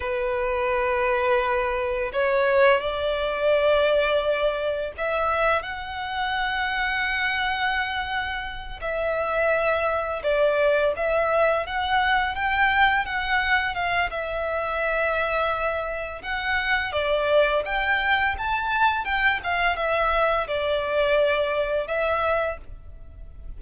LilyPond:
\new Staff \with { instrumentName = "violin" } { \time 4/4 \tempo 4 = 85 b'2. cis''4 | d''2. e''4 | fis''1~ | fis''8 e''2 d''4 e''8~ |
e''8 fis''4 g''4 fis''4 f''8 | e''2. fis''4 | d''4 g''4 a''4 g''8 f''8 | e''4 d''2 e''4 | }